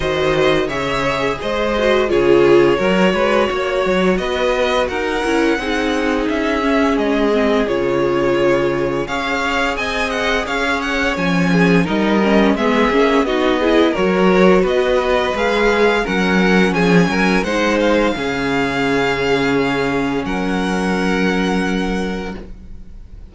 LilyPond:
<<
  \new Staff \with { instrumentName = "violin" } { \time 4/4 \tempo 4 = 86 dis''4 e''4 dis''4 cis''4~ | cis''2 dis''4 fis''4~ | fis''4 e''4 dis''4 cis''4~ | cis''4 f''4 gis''8 fis''8 f''8 fis''8 |
gis''4 dis''4 e''4 dis''4 | cis''4 dis''4 f''4 fis''4 | gis''4 fis''8 f''2~ f''8~ | f''4 fis''2. | }
  \new Staff \with { instrumentName = "violin" } { \time 4/4 c''4 cis''4 c''4 gis'4 | ais'8 b'8 cis''4 b'4 ais'4 | gis'1~ | gis'4 cis''4 dis''4 cis''4~ |
cis''8 gis'8 ais'4 gis'4 fis'8 gis'8 | ais'4 b'2 ais'4 | gis'8 ais'8 c''4 gis'2~ | gis'4 ais'2. | }
  \new Staff \with { instrumentName = "viola" } { \time 4/4 fis'4 gis'4. fis'8 f'4 | fis'2.~ fis'8 e'8 | dis'4. cis'4 c'8 f'4~ | f'4 gis'2. |
cis'4 dis'8 cis'8 b8 cis'8 dis'8 e'8 | fis'2 gis'4 cis'4~ | cis'4 dis'4 cis'2~ | cis'1 | }
  \new Staff \with { instrumentName = "cello" } { \time 4/4 dis4 cis4 gis4 cis4 | fis8 gis8 ais8 fis8 b4 dis'8 cis'8 | c'4 cis'4 gis4 cis4~ | cis4 cis'4 c'4 cis'4 |
f4 g4 gis8 ais8 b4 | fis4 b4 gis4 fis4 | f8 fis8 gis4 cis2~ | cis4 fis2. | }
>>